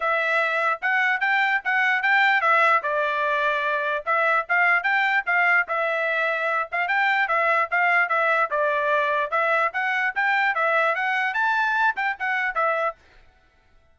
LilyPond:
\new Staff \with { instrumentName = "trumpet" } { \time 4/4 \tempo 4 = 148 e''2 fis''4 g''4 | fis''4 g''4 e''4 d''4~ | d''2 e''4 f''4 | g''4 f''4 e''2~ |
e''8 f''8 g''4 e''4 f''4 | e''4 d''2 e''4 | fis''4 g''4 e''4 fis''4 | a''4. g''8 fis''4 e''4 | }